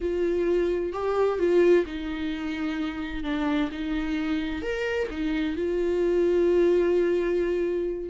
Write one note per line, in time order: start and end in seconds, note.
0.00 0.92 F4
0.92 1.38 G4
1.38 1.85 F4
1.86 3.23 D#4
3.23 3.69 D4
3.71 4.62 D#4
4.62 5.08 A#4
5.10 5.56 D#4
5.56 8.09 F4